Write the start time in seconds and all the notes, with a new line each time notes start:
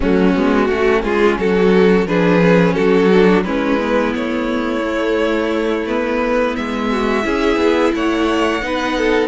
0.00 F#3 A3 C#4 F#4
0.35 G#3 B3
0.67 A3 C#4 F#4
1.03 G#3 F4 G#4
1.38 F#3 F#4 A4
2.06 F3 D4 G#4 B4
2.41 C#4
2.73 F#3 F#4 A4
3.13 D4
3.44 G#3 C#4 E4 B4
3.79 B3
4.15 A3 C#5
4.80 A3
5.87 B3 B4
6.56 G#3 E5
6.90 F#4
7.22 C#4 E4 G#4
7.56 B3
7.94 A3 C#5 F#5
8.62 B3 D#4 B4
8.97 A4